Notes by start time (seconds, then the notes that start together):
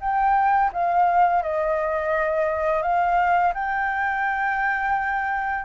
0.00 G5
0.73 F5
1.42 D#5
2.82 F5
3.54 G5